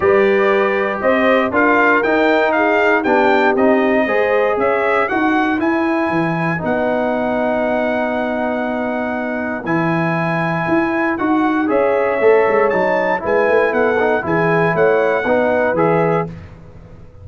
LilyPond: <<
  \new Staff \with { instrumentName = "trumpet" } { \time 4/4 \tempo 4 = 118 d''2 dis''4 f''4 | g''4 f''4 g''4 dis''4~ | dis''4 e''4 fis''4 gis''4~ | gis''4 fis''2.~ |
fis''2. gis''4~ | gis''2 fis''4 e''4~ | e''4 a''4 gis''4 fis''4 | gis''4 fis''2 e''4 | }
  \new Staff \with { instrumentName = "horn" } { \time 4/4 b'2 c''4 ais'4~ | ais'4 gis'4 g'2 | c''4 cis''4 b'2~ | b'1~ |
b'1~ | b'2. cis''4~ | cis''2 b'4 a'4 | gis'4 cis''4 b'2 | }
  \new Staff \with { instrumentName = "trombone" } { \time 4/4 g'2. f'4 | dis'2 d'4 dis'4 | gis'2 fis'4 e'4~ | e'4 dis'2.~ |
dis'2. e'4~ | e'2 fis'4 gis'4 | a'4 dis'4 e'4. dis'8 | e'2 dis'4 gis'4 | }
  \new Staff \with { instrumentName = "tuba" } { \time 4/4 g2 c'4 d'4 | dis'2 b4 c'4 | gis4 cis'4 dis'4 e'4 | e4 b2.~ |
b2. e4~ | e4 e'4 dis'4 cis'4 | a8 gis8 fis4 gis8 a8 b4 | e4 a4 b4 e4 | }
>>